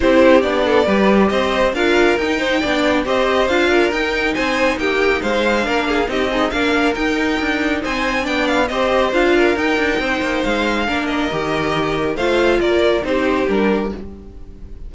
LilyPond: <<
  \new Staff \with { instrumentName = "violin" } { \time 4/4 \tempo 4 = 138 c''4 d''2 dis''4 | f''4 g''2 dis''4 | f''4 g''4 gis''4 g''4 | f''2 dis''4 f''4 |
g''2 gis''4 g''8 f''8 | dis''4 f''4 g''2 | f''4. dis''2~ dis''8 | f''4 d''4 c''4 ais'4 | }
  \new Staff \with { instrumentName = "violin" } { \time 4/4 g'4. a'8 b'4 c''4 | ais'4. c''8 d''4 c''4~ | c''8 ais'4. c''4 g'4 | c''4 ais'8 gis'8 g'8 dis'8 ais'4~ |
ais'2 c''4 d''4 | c''4. ais'4. c''4~ | c''4 ais'2. | c''4 ais'4 g'2 | }
  \new Staff \with { instrumentName = "viola" } { \time 4/4 e'4 d'4 g'2 | f'4 dis'4 d'4 g'4 | f'4 dis'2.~ | dis'4 d'4 dis'8 gis'8 d'4 |
dis'2. d'4 | g'4 f'4 dis'2~ | dis'4 d'4 g'2 | f'2 dis'4 d'4 | }
  \new Staff \with { instrumentName = "cello" } { \time 4/4 c'4 b4 g4 c'4 | d'4 dis'4 b4 c'4 | d'4 dis'4 c'4 ais4 | gis4 ais4 c'4 ais4 |
dis'4 d'4 c'4 b4 | c'4 d'4 dis'8 d'8 c'8 ais8 | gis4 ais4 dis2 | a4 ais4 c'4 g4 | }
>>